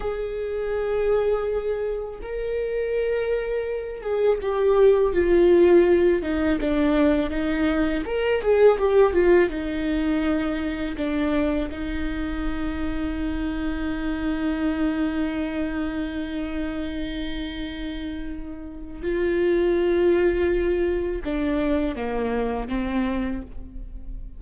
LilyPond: \new Staff \with { instrumentName = "viola" } { \time 4/4 \tempo 4 = 82 gis'2. ais'4~ | ais'4. gis'8 g'4 f'4~ | f'8 dis'8 d'4 dis'4 ais'8 gis'8 | g'8 f'8 dis'2 d'4 |
dis'1~ | dis'1~ | dis'2 f'2~ | f'4 d'4 ais4 c'4 | }